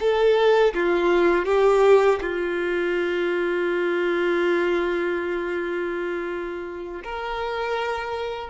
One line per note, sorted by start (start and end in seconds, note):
0.00 0.74 A4
0.74 1.45 F4
1.45 2.19 G4
2.21 7.03 F4
7.04 8.49 A#4